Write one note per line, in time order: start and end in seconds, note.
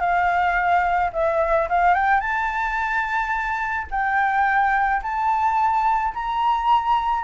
0.00 1.11 F5
1.13 1.68 E5
1.69 1.94 F5
1.94 2.20 G5
2.20 3.87 A5
3.91 5.02 G5
5.03 6.14 A5
6.14 7.24 A#5